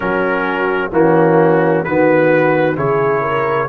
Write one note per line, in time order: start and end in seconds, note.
0.00 0.92 F#3
0.00 0.90 C#4
0.00 0.93 F#4
0.00 0.91 A#4
0.92 1.84 E3
0.92 1.85 A#3
0.92 1.86 C#4
0.92 1.83 F#4
1.83 2.76 D#3
1.83 2.76 B3
1.83 2.76 F#4
1.83 2.76 B4
2.76 3.69 C#3
2.76 3.68 E4
2.76 3.21 G#4
2.76 3.69 C#5
3.21 3.67 A#4